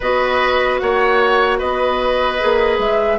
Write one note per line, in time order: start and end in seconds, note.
0.00 0.81 B3
0.00 2.40 F#4
0.00 0.80 B4
0.00 0.79 D#5
0.79 1.61 A#3
0.79 1.58 C#5
0.79 1.59 F#5
1.58 2.41 B3
1.58 3.18 B4
1.58 2.79 D#5
2.40 2.78 A#3
2.40 3.19 G#4
2.78 3.18 G#3
2.78 3.19 E5